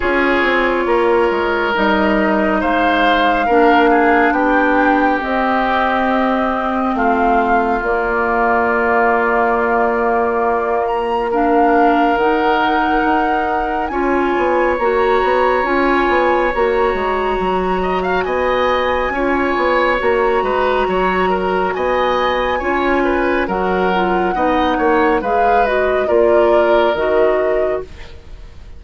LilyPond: <<
  \new Staff \with { instrumentName = "flute" } { \time 4/4 \tempo 4 = 69 cis''2 dis''4 f''4~ | f''4 g''4 dis''2 | f''4 d''2.~ | d''8 ais''8 f''4 fis''2 |
gis''4 ais''4 gis''4 ais''4~ | ais''4 gis''2 ais''4~ | ais''4 gis''2 fis''4~ | fis''4 f''8 dis''8 d''4 dis''4 | }
  \new Staff \with { instrumentName = "oboe" } { \time 4/4 gis'4 ais'2 c''4 | ais'8 gis'8 g'2. | f'1~ | f'4 ais'2. |
cis''1~ | cis''8 dis''16 f''16 dis''4 cis''4. b'8 | cis''8 ais'8 dis''4 cis''8 b'8 ais'4 | dis''8 cis''8 b'4 ais'2 | }
  \new Staff \with { instrumentName = "clarinet" } { \time 4/4 f'2 dis'2 | d'2 c'2~ | c'4 ais2.~ | ais4 d'4 dis'2 |
f'4 fis'4 f'4 fis'4~ | fis'2 f'4 fis'4~ | fis'2 f'4 fis'8 f'8 | dis'4 gis'8 fis'8 f'4 fis'4 | }
  \new Staff \with { instrumentName = "bassoon" } { \time 4/4 cis'8 c'8 ais8 gis8 g4 gis4 | ais4 b4 c'2 | a4 ais2.~ | ais2 dis4 dis'4 |
cis'8 b8 ais8 b8 cis'8 b8 ais8 gis8 | fis4 b4 cis'8 b8 ais8 gis8 | fis4 b4 cis'4 fis4 | b8 ais8 gis4 ais4 dis4 | }
>>